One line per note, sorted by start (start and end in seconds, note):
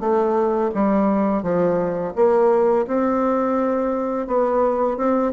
0.00 0.71 A3
0.74 1.43 G3
1.43 2.13 F3
2.16 2.86 A#3
2.87 4.27 C4
4.27 4.97 B3
4.97 5.32 C4